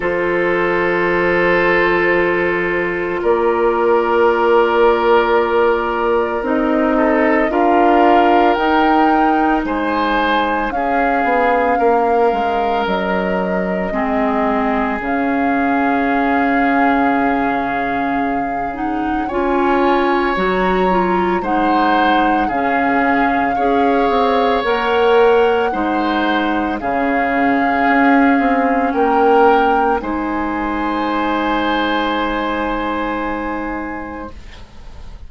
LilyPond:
<<
  \new Staff \with { instrumentName = "flute" } { \time 4/4 \tempo 4 = 56 c''2. d''4~ | d''2 dis''4 f''4 | g''4 gis''4 f''2 | dis''2 f''2~ |
f''4. fis''8 gis''4 ais''4 | fis''4 f''2 fis''4~ | fis''4 f''2 g''4 | gis''1 | }
  \new Staff \with { instrumentName = "oboe" } { \time 4/4 a'2. ais'4~ | ais'2~ ais'8 a'8 ais'4~ | ais'4 c''4 gis'4 ais'4~ | ais'4 gis'2.~ |
gis'2 cis''2 | c''4 gis'4 cis''2 | c''4 gis'2 ais'4 | c''1 | }
  \new Staff \with { instrumentName = "clarinet" } { \time 4/4 f'1~ | f'2 dis'4 f'4 | dis'2 cis'2~ | cis'4 c'4 cis'2~ |
cis'4. dis'8 f'4 fis'8 f'8 | dis'4 cis'4 gis'4 ais'4 | dis'4 cis'2. | dis'1 | }
  \new Staff \with { instrumentName = "bassoon" } { \time 4/4 f2. ais4~ | ais2 c'4 d'4 | dis'4 gis4 cis'8 b8 ais8 gis8 | fis4 gis4 cis2~ |
cis2 cis'4 fis4 | gis4 cis4 cis'8 c'8 ais4 | gis4 cis4 cis'8 c'8 ais4 | gis1 | }
>>